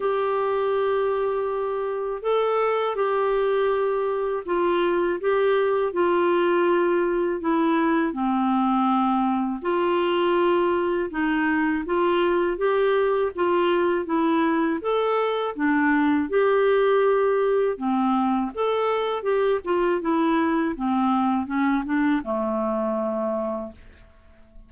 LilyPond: \new Staff \with { instrumentName = "clarinet" } { \time 4/4 \tempo 4 = 81 g'2. a'4 | g'2 f'4 g'4 | f'2 e'4 c'4~ | c'4 f'2 dis'4 |
f'4 g'4 f'4 e'4 | a'4 d'4 g'2 | c'4 a'4 g'8 f'8 e'4 | c'4 cis'8 d'8 a2 | }